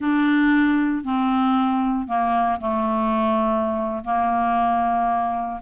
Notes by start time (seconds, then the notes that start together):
0.00 D4
1.04 C4
2.07 A#3
2.60 A3
4.04 A#3